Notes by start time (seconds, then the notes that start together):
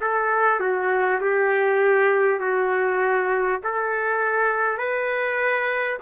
0.00 A4
0.59 F#4
1.20 G4
2.39 F#4
3.63 A4
4.78 B4